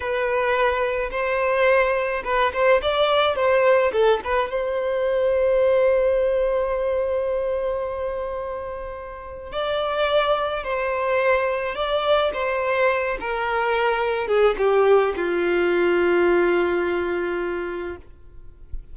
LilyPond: \new Staff \with { instrumentName = "violin" } { \time 4/4 \tempo 4 = 107 b'2 c''2 | b'8 c''8 d''4 c''4 a'8 b'8 | c''1~ | c''1~ |
c''4 d''2 c''4~ | c''4 d''4 c''4. ais'8~ | ais'4. gis'8 g'4 f'4~ | f'1 | }